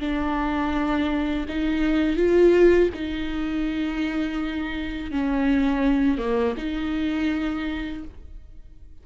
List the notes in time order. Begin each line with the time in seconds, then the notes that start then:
0.00 D4
1.49 D#4
2.17 F4
2.94 D#4
5.12 C#4
6.18 A#3
6.58 D#4